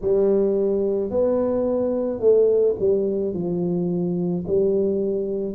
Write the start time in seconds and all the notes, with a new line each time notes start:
0.01 G3
1.10 B3
2.19 A3
2.79 G3
3.33 F3
4.47 G3